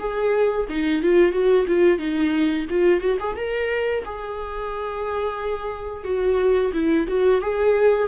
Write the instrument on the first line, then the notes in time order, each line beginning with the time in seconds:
viola
0.00 G#4
0.70 D#4
1.03 F4
1.33 F#4
1.68 F4
1.99 D#4
2.70 F4
3.01 F#4
3.20 G#4
3.37 A#4
4.05 G#4
6.05 F#4
6.74 E4
7.08 F#4
7.42 G#4